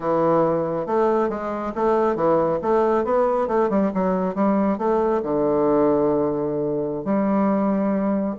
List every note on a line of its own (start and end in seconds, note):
0.00 0.86 E3
0.86 1.29 A3
1.29 1.72 G#3
1.75 2.15 A3
2.15 2.59 E3
2.62 3.04 A3
3.04 3.47 B3
3.47 3.69 A3
3.69 3.91 G3
3.93 4.34 F#3
4.34 4.78 G3
4.78 5.21 A3
5.22 7.04 D3
7.04 8.35 G3